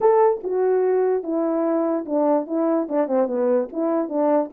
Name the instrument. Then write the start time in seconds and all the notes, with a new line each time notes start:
horn
0.00 A4
0.43 F#4
1.23 E4
2.05 D4
2.46 E4
2.88 D4
3.07 C4
3.27 B3
3.72 E4
4.09 D4